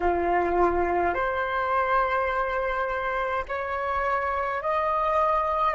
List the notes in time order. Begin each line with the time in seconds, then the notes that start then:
0.00 F4
1.13 C5
3.48 C#5
4.62 D#5